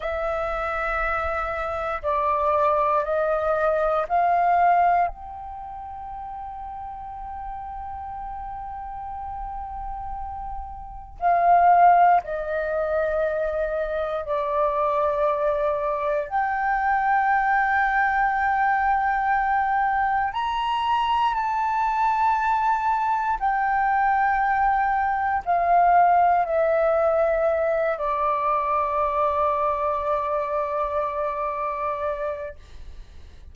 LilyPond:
\new Staff \with { instrumentName = "flute" } { \time 4/4 \tempo 4 = 59 e''2 d''4 dis''4 | f''4 g''2.~ | g''2. f''4 | dis''2 d''2 |
g''1 | ais''4 a''2 g''4~ | g''4 f''4 e''4. d''8~ | d''1 | }